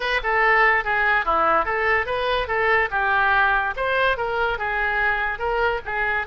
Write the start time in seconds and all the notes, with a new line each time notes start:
0.00 B4
0.23 A4
0.84 G#4
1.25 E4
1.65 A4
2.06 B4
2.47 A4
2.91 G4
3.76 C5
4.17 A#4
4.58 G#4
5.38 A#4
5.85 G#4